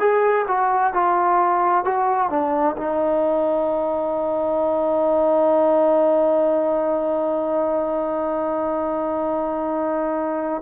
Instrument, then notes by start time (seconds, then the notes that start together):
trombone
0.00 G#4
0.48 F#4
0.94 F4
1.85 F#4
2.30 D4
2.78 D#4